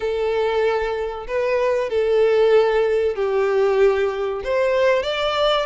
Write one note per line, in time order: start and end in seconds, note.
0.00 1.26 A4
1.27 1.89 B4
1.89 3.15 A4
3.15 4.42 G4
4.44 5.02 C5
5.02 5.66 D5